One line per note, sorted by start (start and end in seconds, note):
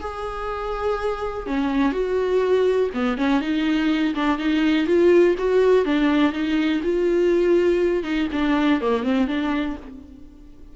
0.00 1.46 G#4
1.46 1.92 C#4
1.92 2.90 F#4
2.94 3.17 B3
3.17 3.41 C#4
3.41 4.14 D#4
4.14 4.38 D4
4.38 4.86 D#4
4.86 5.35 F4
5.38 5.85 F#4
5.85 6.32 D4
6.32 6.81 D#4
6.83 8.03 F4
8.03 8.27 D#4
8.32 8.81 D4
8.81 9.03 A#3
9.03 9.27 C4
9.27 9.76 D4